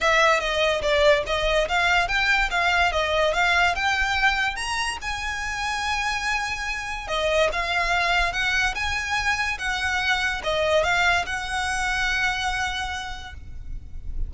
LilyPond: \new Staff \with { instrumentName = "violin" } { \time 4/4 \tempo 4 = 144 e''4 dis''4 d''4 dis''4 | f''4 g''4 f''4 dis''4 | f''4 g''2 ais''4 | gis''1~ |
gis''4 dis''4 f''2 | fis''4 gis''2 fis''4~ | fis''4 dis''4 f''4 fis''4~ | fis''1 | }